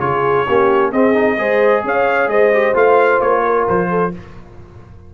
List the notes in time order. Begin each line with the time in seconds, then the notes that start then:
0.00 C#3 F4 G#4 C#5
0.47 A#3 C#4 G4
0.92 C4 G#4 D#5
1.14 D#4
1.38 G#3 G#4 C5
1.84 C#4 C#5 F5
2.28 G#3 C5 D#5
2.54 G4
2.74 A3 F4 F5
3.21 A#3 C#5
3.46 A#4
3.69 F3 C5
3.90 A4